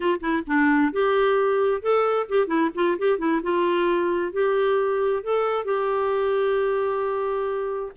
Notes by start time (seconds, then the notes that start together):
0.00 F4
0.20 E4
0.46 D4
0.92 G4
1.81 A4
2.29 G4
2.47 E4
2.74 F4
2.98 G4
3.18 E4
3.42 F4
4.32 G4
5.23 A4
5.64 G4